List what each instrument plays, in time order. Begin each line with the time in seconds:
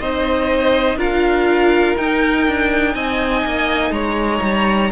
0.00 cello C4, viola D#4, violin C5 D#5
0.96 cello D4, viola F4, violin A#4 F5
1.97 viola D#4, cello D#4, violin G5
2.48 cello D4
2.94 cello C4, violin D#5 G#5
3.46 cello A#3
3.91 cello G#3, violin C#5 A#5
4.42 cello G3